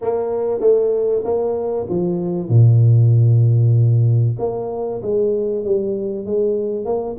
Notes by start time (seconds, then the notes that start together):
0.01 A#3
0.60 A3
1.24 A#3
1.89 F3
2.49 A#2
4.39 A#3
5.02 G#3
5.64 G3
6.25 G#3
6.85 A#3